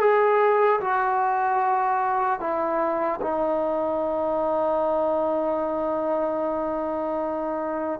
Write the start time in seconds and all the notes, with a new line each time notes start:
0.00 G#4
0.80 F#4
2.40 E4
3.21 D#4